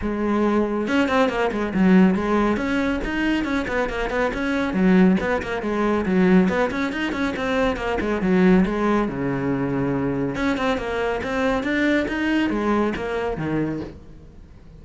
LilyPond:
\new Staff \with { instrumentName = "cello" } { \time 4/4 \tempo 4 = 139 gis2 cis'8 c'8 ais8 gis8 | fis4 gis4 cis'4 dis'4 | cis'8 b8 ais8 b8 cis'4 fis4 | b8 ais8 gis4 fis4 b8 cis'8 |
dis'8 cis'8 c'4 ais8 gis8 fis4 | gis4 cis2. | cis'8 c'8 ais4 c'4 d'4 | dis'4 gis4 ais4 dis4 | }